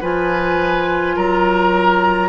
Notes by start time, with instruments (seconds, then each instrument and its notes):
0.00 bassoon F3, clarinet F4, oboe B4, flute G#5
1.16 bassoon F#3, oboe A#4, flute A#5